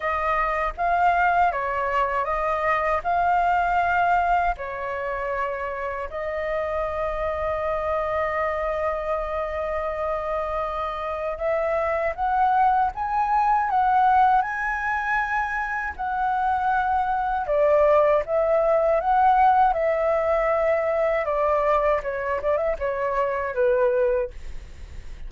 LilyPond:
\new Staff \with { instrumentName = "flute" } { \time 4/4 \tempo 4 = 79 dis''4 f''4 cis''4 dis''4 | f''2 cis''2 | dis''1~ | dis''2. e''4 |
fis''4 gis''4 fis''4 gis''4~ | gis''4 fis''2 d''4 | e''4 fis''4 e''2 | d''4 cis''8 d''16 e''16 cis''4 b'4 | }